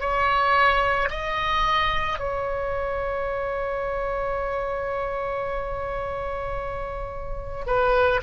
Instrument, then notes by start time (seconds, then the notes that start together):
oboe
0.00 C#5
1.10 D#5
2.19 C#5
7.66 B4